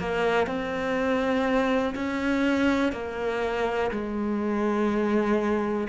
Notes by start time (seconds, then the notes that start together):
0.00 A#3
0.47 C4
1.95 C#4
2.93 A#3
3.91 G#3